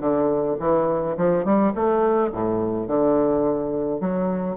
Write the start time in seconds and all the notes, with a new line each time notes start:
0.00 D3
0.59 E3
1.17 F3
1.44 G3
1.75 A3
2.32 A2
2.87 D3
4.00 F#3